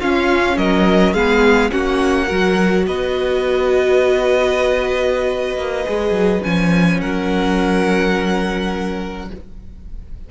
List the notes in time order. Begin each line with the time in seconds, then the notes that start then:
0.00 C#4 F4 F5
0.57 F#3 A#4 D#5
1.14 G#3 B3 G#4 F5
1.71 A#3 C#4 F#4 F#5
2.27 F#3 F#4 A#4
2.86 B3 B4 D#5
5.57 A#3
5.86 G#3 G#4
6.11 F#3
6.42 F3 C#4 G#5
7.01 F#3 A#4 F#5